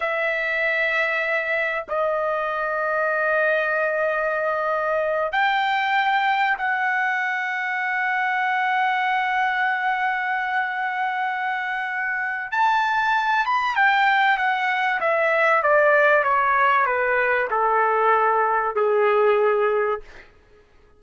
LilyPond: \new Staff \with { instrumentName = "trumpet" } { \time 4/4 \tempo 4 = 96 e''2. dis''4~ | dis''1~ | dis''8 g''2 fis''4.~ | fis''1~ |
fis''1 | a''4. b''8 g''4 fis''4 | e''4 d''4 cis''4 b'4 | a'2 gis'2 | }